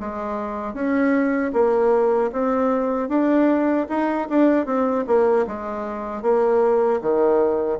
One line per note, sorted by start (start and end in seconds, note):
0.00 0.74 G#3
0.74 1.52 C#4
1.53 2.31 A#3
2.33 3.09 C4
3.09 3.87 D4
3.89 4.28 D#4
4.30 4.66 D4
4.66 5.05 C4
5.07 5.46 A#3
5.47 6.23 G#3
6.23 7.01 A#3
7.02 7.80 D#3